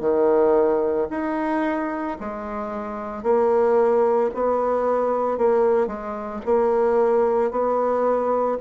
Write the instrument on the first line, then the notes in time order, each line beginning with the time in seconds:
bassoon
0.00 D#3
1.10 D#4
2.20 G#3
3.23 A#3
4.34 B3
5.38 A#3
5.87 G#3
6.45 A#3
7.50 B3